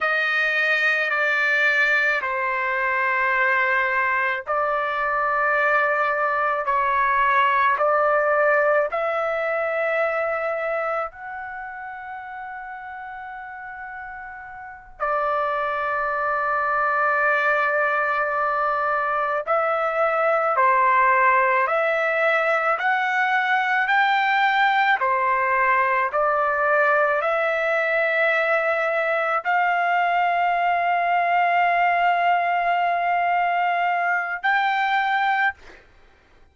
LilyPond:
\new Staff \with { instrumentName = "trumpet" } { \time 4/4 \tempo 4 = 54 dis''4 d''4 c''2 | d''2 cis''4 d''4 | e''2 fis''2~ | fis''4. d''2~ d''8~ |
d''4. e''4 c''4 e''8~ | e''8 fis''4 g''4 c''4 d''8~ | d''8 e''2 f''4.~ | f''2. g''4 | }